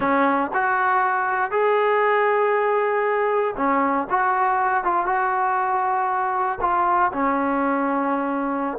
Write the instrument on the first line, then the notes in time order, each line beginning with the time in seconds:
trombone
0.00 C#4
0.53 F#4
1.51 G#4
3.56 C#4
4.09 F#4
4.84 F4
5.06 F#4
6.60 F4
7.12 C#4